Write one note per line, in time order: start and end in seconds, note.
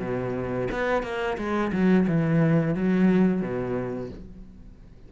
0.00 0.68 B2
0.72 1.03 B3
1.03 1.37 A#3
1.38 1.72 G#3
1.73 2.07 F#3
2.08 2.75 E3
2.75 3.42 F#3
3.42 4.10 B2